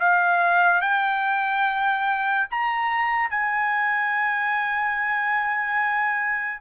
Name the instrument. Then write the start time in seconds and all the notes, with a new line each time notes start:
trumpet
0.00 F5
0.81 G5
2.51 A#5
3.30 G#5